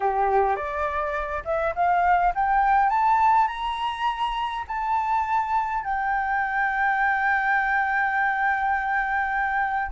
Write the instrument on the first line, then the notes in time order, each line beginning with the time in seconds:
flute
0.00 G4
0.56 D5
1.44 E5
1.75 F5
2.34 G5
2.89 A5
3.47 A#5
4.67 A5
5.84 G5